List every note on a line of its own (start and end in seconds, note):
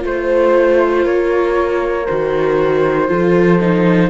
0.00 1.06 A3
0.00 2.03 F4
0.00 1.04 C5
0.00 1.06 C5
1.04 2.08 A#3
1.04 3.07 A#4
1.04 2.07 C#5
2.07 3.10 D#3
2.07 3.08 F#4
2.07 4.10 C5
3.08 4.10 F3
3.08 3.59 F4
3.08 4.10 A4
3.61 4.10 D#4